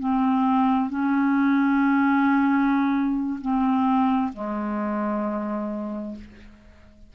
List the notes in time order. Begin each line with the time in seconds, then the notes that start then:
0.00 C4
0.90 C#4
3.41 C4
4.33 G#3